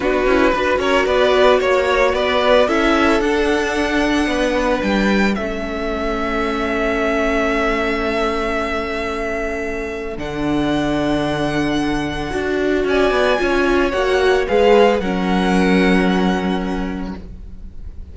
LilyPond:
<<
  \new Staff \with { instrumentName = "violin" } { \time 4/4 \tempo 4 = 112 b'4. cis''8 d''4 cis''4 | d''4 e''4 fis''2~ | fis''4 g''4 e''2~ | e''1~ |
e''2. fis''4~ | fis''1 | gis''2 fis''4 f''4 | fis''1 | }
  \new Staff \with { instrumentName = "violin" } { \time 4/4 fis'4 b'8 ais'8 b'4 cis''4 | b'4 a'2. | b'2 a'2~ | a'1~ |
a'1~ | a'1 | d''4 cis''2 b'4 | ais'1 | }
  \new Staff \with { instrumentName = "viola" } { \time 4/4 d'8 e'8 fis'2.~ | fis'4 e'4 d'2~ | d'2 cis'2~ | cis'1~ |
cis'2. d'4~ | d'2. fis'4~ | fis'4 f'4 fis'4 gis'4 | cis'1 | }
  \new Staff \with { instrumentName = "cello" } { \time 4/4 b8 cis'8 d'8 cis'8 b4 ais4 | b4 cis'4 d'2 | b4 g4 a2~ | a1~ |
a2. d4~ | d2. d'4 | cis'8 b8 cis'4 ais4 gis4 | fis1 | }
>>